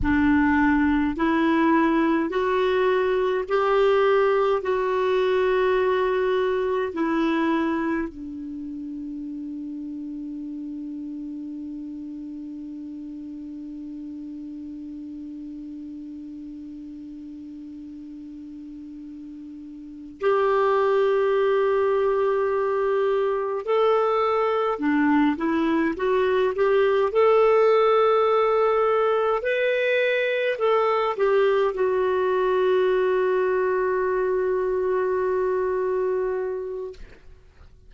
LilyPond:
\new Staff \with { instrumentName = "clarinet" } { \time 4/4 \tempo 4 = 52 d'4 e'4 fis'4 g'4 | fis'2 e'4 d'4~ | d'1~ | d'1~ |
d'4. g'2~ g'8~ | g'8 a'4 d'8 e'8 fis'8 g'8 a'8~ | a'4. b'4 a'8 g'8 fis'8~ | fis'1 | }